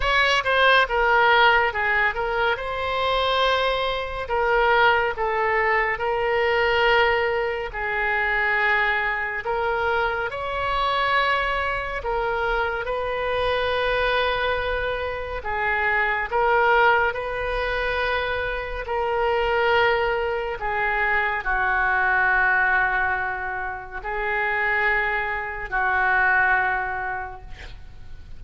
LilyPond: \new Staff \with { instrumentName = "oboe" } { \time 4/4 \tempo 4 = 70 cis''8 c''8 ais'4 gis'8 ais'8 c''4~ | c''4 ais'4 a'4 ais'4~ | ais'4 gis'2 ais'4 | cis''2 ais'4 b'4~ |
b'2 gis'4 ais'4 | b'2 ais'2 | gis'4 fis'2. | gis'2 fis'2 | }